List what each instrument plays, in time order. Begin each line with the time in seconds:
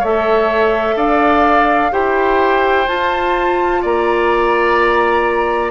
0.00 bassoon A3, clarinet A4, oboe C#5, flute E5
0.96 bassoon D4, oboe D5, flute F5
1.92 bassoon E4, clarinet G4, oboe C5, flute G5
2.87 clarinet F4, bassoon F4, flute A5
3.82 bassoon A#3, oboe D5, flute A#5